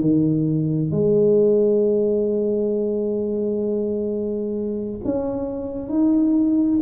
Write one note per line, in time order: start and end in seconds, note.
0.00 0.91 D#3
0.91 5.00 G#3
5.04 5.88 C#4
5.88 6.79 D#4